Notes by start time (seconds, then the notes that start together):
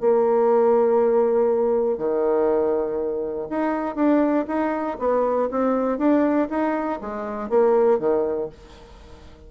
0.00 A#3
1.97 D#3
3.50 D#4
3.95 D4
4.47 D#4
4.99 B3
5.51 C4
5.98 D4
6.50 D#4
7.01 G#3
7.49 A#3
7.99 D#3